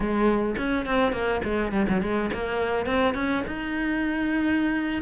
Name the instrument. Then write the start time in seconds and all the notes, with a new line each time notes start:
cello
0.00 G#3
0.57 C#4
0.85 C4
1.12 A#3
1.43 G#3
1.72 G3
1.89 F#3
2.01 G#3
2.33 A#3
2.86 C4
3.14 C#4
3.47 D#4